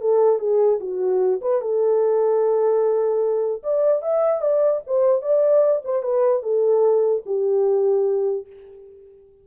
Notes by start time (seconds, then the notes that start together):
0.00 A4
0.39 G#4
0.80 F#4
1.41 B4
1.61 A4
3.63 D5
4.02 E5
4.41 D5
4.86 C5
5.21 D5
5.84 C5
6.02 B4
6.42 A4
7.25 G4